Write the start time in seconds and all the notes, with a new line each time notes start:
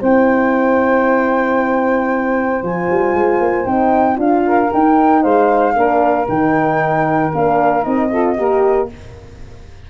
0.00 C4 E4 C5 G5
2.63 F3 F4 G#5
2.91 G3
3.15 G#3
3.40 A#3
3.66 C4 D#4 G5
4.16 D4 F4 F5
4.47 A#4
4.72 D#4 G5
5.22 G#3 C5 F5
5.75 A#3 D4 A#4
6.29 D#3 D#4 G5
7.33 A#3 D4 F5
7.84 C4 D#4 D#5
8.11 F4 A4
8.37 A#3 G4 A#4